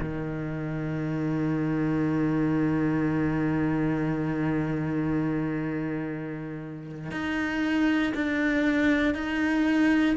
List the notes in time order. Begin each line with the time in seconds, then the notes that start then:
0.00 D#3
7.11 D#4
8.14 D4
9.14 D#4